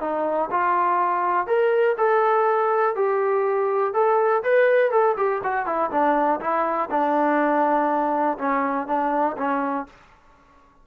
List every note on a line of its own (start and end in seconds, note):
0.00 0.49 D#4
0.50 1.46 F4
1.46 1.96 A#4
1.97 2.95 A4
2.95 3.93 G4
3.93 4.43 A4
4.43 4.91 B4
4.91 5.15 A4
5.17 5.41 G4
5.43 5.66 F#4
5.66 5.90 E4
5.90 6.40 D4
6.40 6.89 E4
6.90 8.37 D4
8.38 8.87 C#4
8.87 9.36 D4
9.37 9.86 C#4